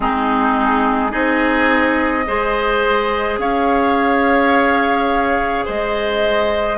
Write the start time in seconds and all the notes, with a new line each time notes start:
0.00 G#3 C4 D#4 G#4
1.10 C4 D#4 G#4 D#5
2.26 G#3 G#4 C5
3.37 C#4 C#5 F5
5.65 G#3 C5 D#5